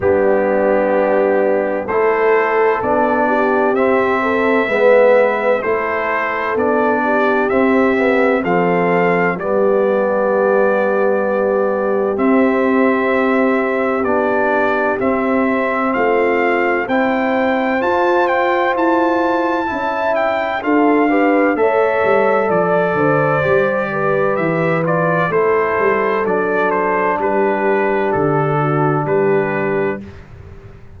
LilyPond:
<<
  \new Staff \with { instrumentName = "trumpet" } { \time 4/4 \tempo 4 = 64 g'2 c''4 d''4 | e''2 c''4 d''4 | e''4 f''4 d''2~ | d''4 e''2 d''4 |
e''4 f''4 g''4 a''8 g''8 | a''4. g''8 f''4 e''4 | d''2 e''8 d''8 c''4 | d''8 c''8 b'4 a'4 b'4 | }
  \new Staff \with { instrumentName = "horn" } { \time 4/4 d'2 a'4. g'8~ | g'8 a'8 b'4 a'4. g'8~ | g'4 a'4 g'2~ | g'1~ |
g'4 f'4 c''2~ | c''4 e''4 a'8 b'8 cis''4 | d''8 c''4 b'4. a'4~ | a'4 g'4. fis'8 g'4 | }
  \new Staff \with { instrumentName = "trombone" } { \time 4/4 b2 e'4 d'4 | c'4 b4 e'4 d'4 | c'8 b8 c'4 b2~ | b4 c'2 d'4 |
c'2 e'4 f'4~ | f'4 e'4 f'8 g'8 a'4~ | a'4 g'4. f'8 e'4 | d'1 | }
  \new Staff \with { instrumentName = "tuba" } { \time 4/4 g2 a4 b4 | c'4 gis4 a4 b4 | c'4 f4 g2~ | g4 c'2 b4 |
c'4 a4 c'4 f'4 | e'4 cis'4 d'4 a8 g8 | f8 d8 g4 e4 a8 g8 | fis4 g4 d4 g4 | }
>>